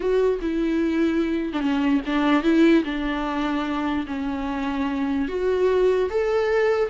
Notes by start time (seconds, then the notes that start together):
0.00 F#4
0.41 E4
1.53 D4
1.60 C#4
2.06 D4
2.43 E4
2.84 D4
4.07 C#4
5.28 F#4
6.10 A4